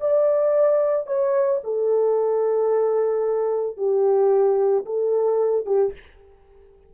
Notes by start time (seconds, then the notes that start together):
0.00 D5
1.06 C#5
1.64 A4
3.77 G4
4.85 A4
5.66 G4